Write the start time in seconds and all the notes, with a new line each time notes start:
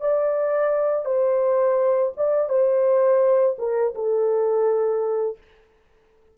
0.00 D5
1.05 C5
2.17 D5
2.49 C5
3.58 A#4
3.94 A4